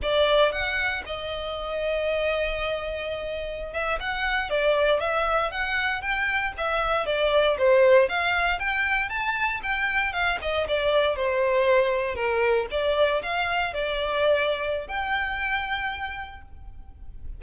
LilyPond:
\new Staff \with { instrumentName = "violin" } { \time 4/4 \tempo 4 = 117 d''4 fis''4 dis''2~ | dis''2.~ dis''16 e''8 fis''16~ | fis''8. d''4 e''4 fis''4 g''16~ | g''8. e''4 d''4 c''4 f''16~ |
f''8. g''4 a''4 g''4 f''16~ | f''16 dis''8 d''4 c''2 ais'16~ | ais'8. d''4 f''4 d''4~ d''16~ | d''4 g''2. | }